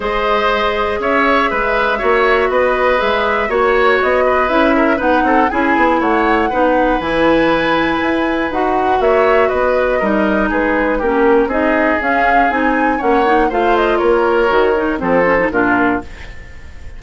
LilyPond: <<
  \new Staff \with { instrumentName = "flute" } { \time 4/4 \tempo 4 = 120 dis''2 e''2~ | e''4 dis''4 e''4 cis''4 | dis''4 e''4 fis''4 gis''4 | fis''2 gis''2~ |
gis''4 fis''4 e''4 dis''4~ | dis''4 b'4 ais'4 dis''4 | f''4 gis''4 fis''4 f''8 dis''8 | cis''2 c''4 ais'4 | }
  \new Staff \with { instrumentName = "oboe" } { \time 4/4 c''2 cis''4 b'4 | cis''4 b'2 cis''4~ | cis''8 b'4 ais'8 b'8 a'8 gis'4 | cis''4 b'2.~ |
b'2 cis''4 b'4 | ais'4 gis'4 g'4 gis'4~ | gis'2 cis''4 c''4 | ais'2 a'4 f'4 | }
  \new Staff \with { instrumentName = "clarinet" } { \time 4/4 gis'1 | fis'2 gis'4 fis'4~ | fis'4 e'4 dis'4 e'4~ | e'4 dis'4 e'2~ |
e'4 fis'2. | dis'2 cis'4 dis'4 | cis'4 dis'4 cis'8 dis'8 f'4~ | f'4 fis'8 dis'8 c'8 cis'16 dis'16 d'4 | }
  \new Staff \with { instrumentName = "bassoon" } { \time 4/4 gis2 cis'4 gis4 | ais4 b4 gis4 ais4 | b4 cis'4 b8 c'8 cis'8 b8 | a4 b4 e2 |
e'4 dis'4 ais4 b4 | g4 gis4 ais4 c'4 | cis'4 c'4 ais4 a4 | ais4 dis4 f4 ais,4 | }
>>